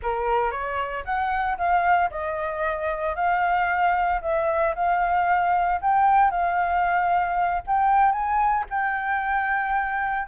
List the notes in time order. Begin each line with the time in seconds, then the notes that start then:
0.02 A#4
0.51 C#5
1.04 F#5
1.57 F5
2.10 D#5
3.15 F5
4.21 E5
4.75 F5
5.81 G5
6.31 F5
7.66 G5
8.11 G#5
8.70 G5